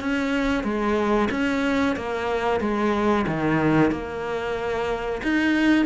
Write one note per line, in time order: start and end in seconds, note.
0.00 0.63 C#4
0.63 1.29 G#3
1.31 1.96 C#4
1.96 2.60 A#3
2.60 3.25 G#3
3.27 3.91 D#3
3.91 5.21 A#3
5.23 5.85 D#4